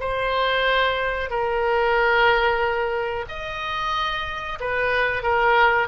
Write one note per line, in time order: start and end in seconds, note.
0.00 1.30 C5
1.30 3.25 A#4
3.28 4.59 D#5
4.60 5.23 B4
5.23 5.88 A#4